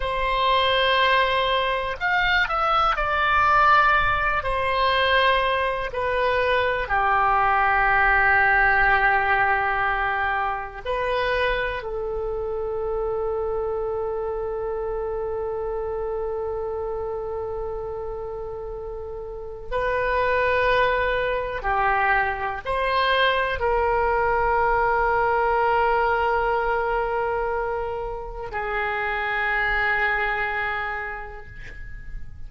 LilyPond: \new Staff \with { instrumentName = "oboe" } { \time 4/4 \tempo 4 = 61 c''2 f''8 e''8 d''4~ | d''8 c''4. b'4 g'4~ | g'2. b'4 | a'1~ |
a'1 | b'2 g'4 c''4 | ais'1~ | ais'4 gis'2. | }